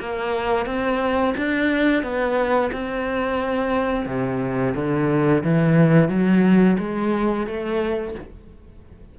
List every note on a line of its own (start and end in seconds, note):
0.00 0.67 A#3
0.67 1.35 C4
1.38 2.03 D4
2.03 2.71 B3
2.73 4.06 C4
4.06 4.74 C3
4.76 5.44 D3
5.44 6.09 E3
6.09 6.77 F#3
6.79 7.47 G#3
7.47 8.15 A3